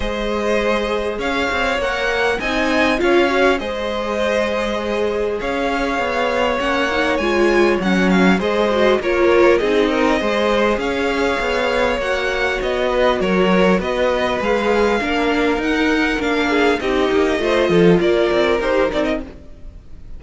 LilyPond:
<<
  \new Staff \with { instrumentName = "violin" } { \time 4/4 \tempo 4 = 100 dis''2 f''4 fis''4 | gis''4 f''4 dis''2~ | dis''4 f''2 fis''4 | gis''4 fis''8 f''8 dis''4 cis''4 |
dis''2 f''2 | fis''4 dis''4 cis''4 dis''4 | f''2 fis''4 f''4 | dis''2 d''4 c''8 d''16 dis''16 | }
  \new Staff \with { instrumentName = "violin" } { \time 4/4 c''2 cis''2 | dis''4 cis''4 c''2~ | c''4 cis''2.~ | cis''2 c''4 ais'4 |
gis'8 ais'8 c''4 cis''2~ | cis''4. b'8 ais'4 b'4~ | b'4 ais'2~ ais'8 gis'8 | g'4 c''8 a'8 ais'2 | }
  \new Staff \with { instrumentName = "viola" } { \time 4/4 gis'2. ais'4 | dis'4 f'8 fis'8 gis'2~ | gis'2. cis'8 dis'8 | f'4 cis'4 gis'8 fis'8 f'4 |
dis'4 gis'2. | fis'1 | gis'4 d'4 dis'4 d'4 | dis'4 f'2 g'8 dis'8 | }
  \new Staff \with { instrumentName = "cello" } { \time 4/4 gis2 cis'8 c'8 ais4 | c'4 cis'4 gis2~ | gis4 cis'4 b4 ais4 | gis4 fis4 gis4 ais4 |
c'4 gis4 cis'4 b4 | ais4 b4 fis4 b4 | gis4 ais4 dis'4 ais4 | c'8 ais8 a8 f8 ais8 c'8 dis'8 c'8 | }
>>